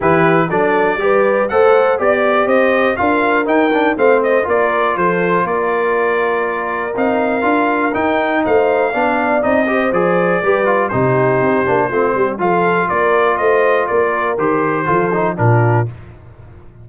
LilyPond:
<<
  \new Staff \with { instrumentName = "trumpet" } { \time 4/4 \tempo 4 = 121 b'4 d''2 fis''4 | d''4 dis''4 f''4 g''4 | f''8 dis''8 d''4 c''4 d''4~ | d''2 f''2 |
g''4 f''2 dis''4 | d''2 c''2~ | c''4 f''4 d''4 dis''4 | d''4 c''2 ais'4 | }
  \new Staff \with { instrumentName = "horn" } { \time 4/4 g'4 a'4 b'4 c''4 | d''4 c''4 ais'2 | c''4 ais'4 a'4 ais'4~ | ais'1~ |
ais'4 c''4 d''4. c''8~ | c''4 b'4 g'2 | f'8 g'8 a'4 ais'4 c''4 | ais'2 a'4 f'4 | }
  \new Staff \with { instrumentName = "trombone" } { \time 4/4 e'4 d'4 g'4 a'4 | g'2 f'4 dis'8 d'8 | c'4 f'2.~ | f'2 dis'4 f'4 |
dis'2 d'4 dis'8 g'8 | gis'4 g'8 f'8 dis'4. d'8 | c'4 f'2.~ | f'4 g'4 f'8 dis'8 d'4 | }
  \new Staff \with { instrumentName = "tuba" } { \time 4/4 e4 fis4 g4 a4 | b4 c'4 d'4 dis'4 | a4 ais4 f4 ais4~ | ais2 c'4 d'4 |
dis'4 a4 b4 c'4 | f4 g4 c4 c'8 ais8 | a8 g8 f4 ais4 a4 | ais4 dis4 f4 ais,4 | }
>>